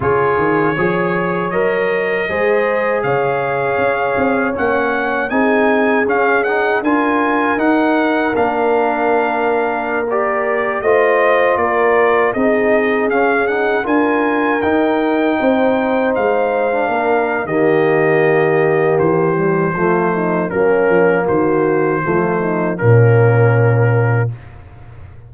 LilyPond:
<<
  \new Staff \with { instrumentName = "trumpet" } { \time 4/4 \tempo 4 = 79 cis''2 dis''2 | f''2 fis''4 gis''4 | f''8 fis''8 gis''4 fis''4 f''4~ | f''4~ f''16 d''4 dis''4 d''8.~ |
d''16 dis''4 f''8 fis''8 gis''4 g''8.~ | g''4~ g''16 f''4.~ f''16 dis''4~ | dis''4 c''2 ais'4 | c''2 ais'2 | }
  \new Staff \with { instrumentName = "horn" } { \time 4/4 gis'4 cis''2 c''4 | cis''2. gis'4~ | gis'4 ais'2.~ | ais'2~ ais'16 c''4 ais'8.~ |
ais'16 gis'2 ais'4.~ ais'16~ | ais'16 c''2 ais'8. g'4~ | g'2 f'8 dis'8 cis'4 | fis'4 f'8 dis'8 cis'2 | }
  \new Staff \with { instrumentName = "trombone" } { \time 4/4 f'4 gis'4 ais'4 gis'4~ | gis'2 cis'4 dis'4 | cis'8 dis'8 f'4 dis'4 d'4~ | d'4~ d'16 g'4 f'4.~ f'16~ |
f'16 dis'4 cis'8 dis'8 f'4 dis'8.~ | dis'2 d'4 ais4~ | ais4. g8 a4 ais4~ | ais4 a4 ais2 | }
  \new Staff \with { instrumentName = "tuba" } { \time 4/4 cis8 dis8 f4 fis4 gis4 | cis4 cis'8 c'8 ais4 c'4 | cis'4 d'4 dis'4 ais4~ | ais2~ ais16 a4 ais8.~ |
ais16 c'4 cis'4 d'4 dis'8.~ | dis'16 c'4 gis4 ais8. dis4~ | dis4 e4 f4 fis8 f8 | dis4 f4 ais,2 | }
>>